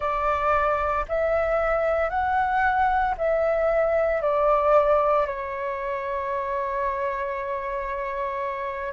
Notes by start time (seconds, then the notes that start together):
0.00 D5
1.08 E5
2.09 F#5
3.17 E5
4.21 D5
5.26 C#5